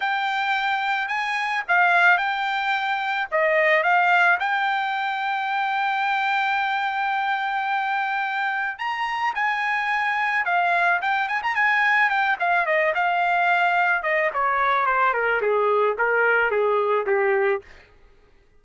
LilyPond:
\new Staff \with { instrumentName = "trumpet" } { \time 4/4 \tempo 4 = 109 g''2 gis''4 f''4 | g''2 dis''4 f''4 | g''1~ | g''1 |
ais''4 gis''2 f''4 | g''8 gis''16 ais''16 gis''4 g''8 f''8 dis''8 f''8~ | f''4. dis''8 cis''4 c''8 ais'8 | gis'4 ais'4 gis'4 g'4 | }